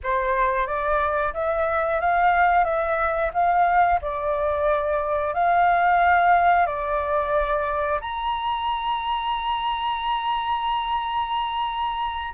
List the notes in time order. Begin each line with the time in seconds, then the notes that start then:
0.03 C5
0.66 D5
1.33 E5
2.00 F5
2.64 E5
3.33 F5
4.01 D5
5.34 F5
6.66 D5
8.00 A#5